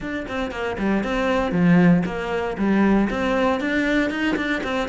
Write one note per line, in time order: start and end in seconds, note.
0.00 0.26 D4
0.28 0.51 C4
0.51 0.76 A#3
0.78 1.03 G3
1.03 1.51 C4
1.51 2.02 F3
2.05 2.56 A#3
2.57 3.08 G3
3.09 3.60 C4
3.60 4.10 D4
4.10 4.36 D#4
4.36 4.62 D4
4.63 4.88 C4